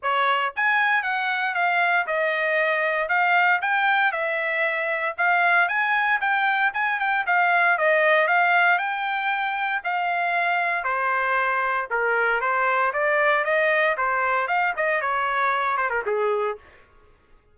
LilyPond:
\new Staff \with { instrumentName = "trumpet" } { \time 4/4 \tempo 4 = 116 cis''4 gis''4 fis''4 f''4 | dis''2 f''4 g''4 | e''2 f''4 gis''4 | g''4 gis''8 g''8 f''4 dis''4 |
f''4 g''2 f''4~ | f''4 c''2 ais'4 | c''4 d''4 dis''4 c''4 | f''8 dis''8 cis''4. c''16 ais'16 gis'4 | }